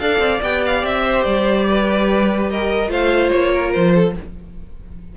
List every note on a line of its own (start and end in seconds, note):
0.00 0.19 D4
0.00 0.41 A4
0.00 1.05 D5
0.00 0.41 F5
0.19 0.40 C4
0.42 0.84 B3
0.42 2.88 G4
0.42 0.65 G5
0.66 0.85 F5
0.84 1.25 C4
0.84 1.24 E5
1.05 1.67 C5
1.24 2.89 G3
1.24 2.48 D5
1.68 2.51 B4
2.50 2.91 A#4
2.50 2.92 D#5
2.88 3.30 A3
2.88 4.12 F4
2.88 3.52 C5
2.88 3.31 F5
3.31 3.76 A#3
3.31 3.72 C#5
3.52 3.94 A#4
3.73 4.17 F3
3.73 4.14 C5
3.95 4.16 A4